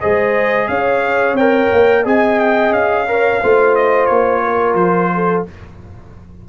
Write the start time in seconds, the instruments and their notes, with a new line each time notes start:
0.00 tuba G#3, trombone G#4, horn C5, trumpet D#5
0.67 tuba C#4, horn C#5, trumpet F5
1.33 tuba C4, trumpet G5
1.39 trombone A#4
1.72 tuba A#3
2.03 tuba C4, trombone G#4, horn D#5, trumpet G#5
2.39 trumpet G5
2.70 tuba C#4, trumpet F5
3.07 trombone A#4, horn C#5
3.40 tuba A3, trombone F4, horn C5
3.75 trumpet D#5
4.06 tuba A#3, trumpet C#5
4.43 horn A#4
4.74 tuba F3, trumpet C5
5.14 horn A4